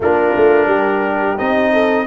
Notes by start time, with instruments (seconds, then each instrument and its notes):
0.00 tuba A#3, trombone D4, horn F4, trumpet A#4
0.36 tuba A3
0.66 tuba G3, horn G4
1.37 tuba C4, trombone D#4, trumpet D#5
1.72 horn A4